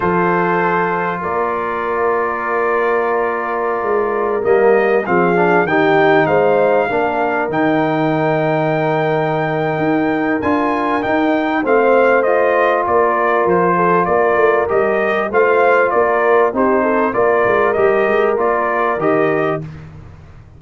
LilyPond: <<
  \new Staff \with { instrumentName = "trumpet" } { \time 4/4 \tempo 4 = 98 c''2 d''2~ | d''2.~ d''16 dis''8.~ | dis''16 f''4 g''4 f''4.~ f''16~ | f''16 g''2.~ g''8.~ |
g''4 gis''4 g''4 f''4 | dis''4 d''4 c''4 d''4 | dis''4 f''4 d''4 c''4 | d''4 dis''4 d''4 dis''4 | }
  \new Staff \with { instrumentName = "horn" } { \time 4/4 a'2 ais'2~ | ais'1~ | ais'16 gis'4 g'4 c''4 ais'8.~ | ais'1~ |
ais'2. c''4~ | c''4 ais'4. a'8 ais'4~ | ais'4 c''4 ais'4 g'8 a'8 | ais'1 | }
  \new Staff \with { instrumentName = "trombone" } { \time 4/4 f'1~ | f'2.~ f'16 ais8.~ | ais16 c'8 d'8 dis'2 d'8.~ | d'16 dis'2.~ dis'8.~ |
dis'4 f'4 dis'4 c'4 | f'1 | g'4 f'2 dis'4 | f'4 g'4 f'4 g'4 | }
  \new Staff \with { instrumentName = "tuba" } { \time 4/4 f2 ais2~ | ais2~ ais16 gis4 g8.~ | g16 f4 dis4 gis4 ais8.~ | ais16 dis2.~ dis8. |
dis'4 d'4 dis'4 a4~ | a4 ais4 f4 ais8 a8 | g4 a4 ais4 c'4 | ais8 gis8 g8 gis8 ais4 dis4 | }
>>